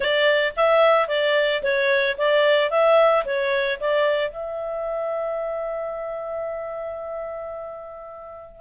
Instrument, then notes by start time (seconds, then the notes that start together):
clarinet
0.00 D5
0.56 E5
1.08 D5
1.62 C#5
2.17 D5
2.70 E5
3.25 C#5
3.80 D5
4.30 E5